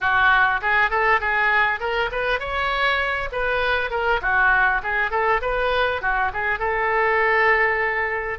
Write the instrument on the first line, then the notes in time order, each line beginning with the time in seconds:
oboe
0.00 F#4
0.61 G#4
0.90 A4
1.20 G#4
1.80 A#4
2.11 B4
2.39 C#5
3.31 B4
3.90 A#4
4.21 F#4
4.82 G#4
5.11 A4
5.41 B4
6.01 F#4
6.33 G#4
6.59 A4